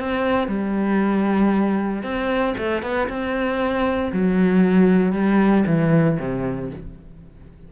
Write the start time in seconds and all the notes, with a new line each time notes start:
0.00 C4
0.48 G3
2.03 C4
2.58 A3
2.83 B3
3.08 C4
4.13 F#3
5.13 G3
5.67 E3
6.19 C3